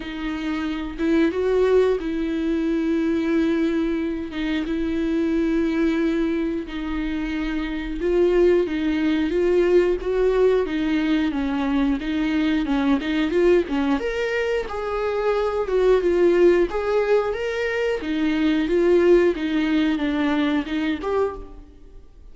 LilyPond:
\new Staff \with { instrumentName = "viola" } { \time 4/4 \tempo 4 = 90 dis'4. e'8 fis'4 e'4~ | e'2~ e'8 dis'8 e'4~ | e'2 dis'2 | f'4 dis'4 f'4 fis'4 |
dis'4 cis'4 dis'4 cis'8 dis'8 | f'8 cis'8 ais'4 gis'4. fis'8 | f'4 gis'4 ais'4 dis'4 | f'4 dis'4 d'4 dis'8 g'8 | }